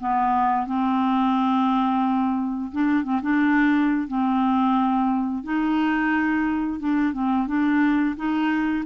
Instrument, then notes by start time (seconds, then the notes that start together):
clarinet
0.00 B3
0.66 C4
2.72 D4
3.03 C4
3.22 D4
4.07 C4
5.43 D#4
6.79 D4
7.13 C4
7.47 D4
8.16 D#4